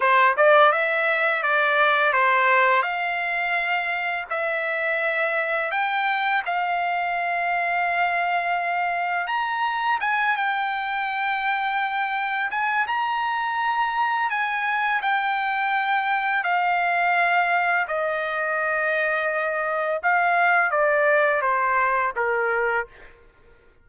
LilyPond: \new Staff \with { instrumentName = "trumpet" } { \time 4/4 \tempo 4 = 84 c''8 d''8 e''4 d''4 c''4 | f''2 e''2 | g''4 f''2.~ | f''4 ais''4 gis''8 g''4.~ |
g''4. gis''8 ais''2 | gis''4 g''2 f''4~ | f''4 dis''2. | f''4 d''4 c''4 ais'4 | }